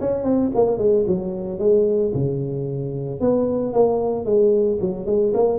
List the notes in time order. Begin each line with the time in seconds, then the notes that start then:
0.00 C#4
0.23 C4
0.54 A#3
0.77 G#3
1.07 F#3
1.59 G#3
2.14 C#3
3.20 B3
3.73 A#3
4.25 G#3
4.81 F#3
5.06 G#3
5.34 A#3